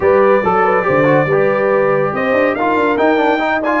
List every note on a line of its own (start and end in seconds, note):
0.00 0.42 G3
0.00 0.41 G4
0.00 0.44 B4
0.00 2.14 D5
0.44 0.86 F#3
0.44 0.64 A4
0.44 0.82 A4
0.64 0.85 B4
0.82 1.03 G4
0.82 1.27 C5
0.89 1.25 D3
1.04 1.25 F#4
1.25 2.10 G3
1.25 2.59 G4
1.25 2.12 B4
2.13 2.32 C4
2.13 2.55 C5
2.13 2.54 D#5
2.32 2.53 D4
2.54 2.75 D#4
2.54 2.98 F4
2.54 3.40 A#4
2.54 2.97 F5
2.75 2.97 D4
2.97 3.17 D#4
2.97 3.80 D#4
2.97 3.61 G5
3.17 3.38 D4
3.39 3.60 D#4
3.45 3.62 D#5
3.62 3.80 F4
3.62 3.80 D5
3.62 3.80 G#5